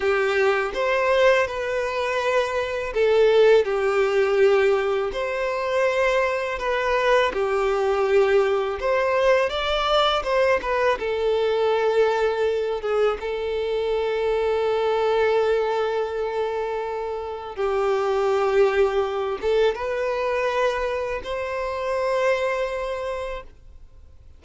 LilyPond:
\new Staff \with { instrumentName = "violin" } { \time 4/4 \tempo 4 = 82 g'4 c''4 b'2 | a'4 g'2 c''4~ | c''4 b'4 g'2 | c''4 d''4 c''8 b'8 a'4~ |
a'4. gis'8 a'2~ | a'1 | g'2~ g'8 a'8 b'4~ | b'4 c''2. | }